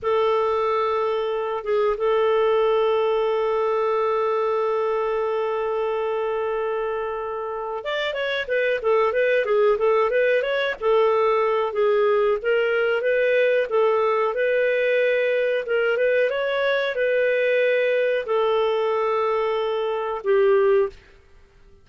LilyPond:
\new Staff \with { instrumentName = "clarinet" } { \time 4/4 \tempo 4 = 92 a'2~ a'8 gis'8 a'4~ | a'1~ | a'1 | d''8 cis''8 b'8 a'8 b'8 gis'8 a'8 b'8 |
cis''8 a'4. gis'4 ais'4 | b'4 a'4 b'2 | ais'8 b'8 cis''4 b'2 | a'2. g'4 | }